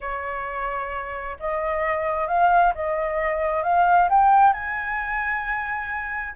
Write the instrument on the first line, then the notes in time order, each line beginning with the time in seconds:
flute
0.00 C#5
1.39 D#5
2.27 F5
2.75 D#5
3.63 F5
4.09 G5
4.53 G#5